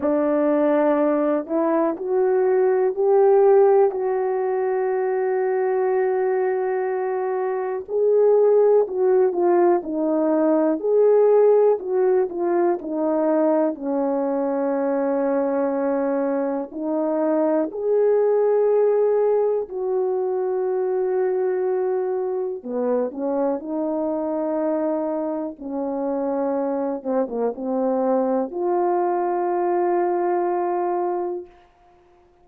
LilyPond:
\new Staff \with { instrumentName = "horn" } { \time 4/4 \tempo 4 = 61 d'4. e'8 fis'4 g'4 | fis'1 | gis'4 fis'8 f'8 dis'4 gis'4 | fis'8 f'8 dis'4 cis'2~ |
cis'4 dis'4 gis'2 | fis'2. b8 cis'8 | dis'2 cis'4. c'16 ais16 | c'4 f'2. | }